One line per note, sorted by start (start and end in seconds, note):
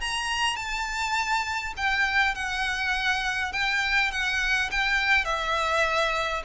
0.00 0.56 A#5
0.56 1.74 A5
1.77 2.35 G5
2.35 3.52 F#5
3.52 4.11 G5
4.11 4.70 F#5
4.71 5.25 G5
5.25 6.42 E5